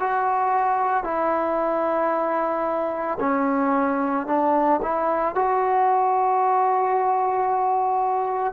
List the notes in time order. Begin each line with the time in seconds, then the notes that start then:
0.00 F#4
1.04 E4
3.19 C#4
4.27 D4
4.82 E4
5.35 F#4